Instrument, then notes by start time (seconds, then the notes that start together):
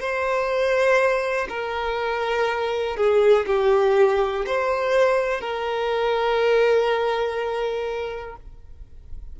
violin
0.00 C5
1.49 A#4
2.96 G#4
3.46 G4
4.46 C5
5.41 A#4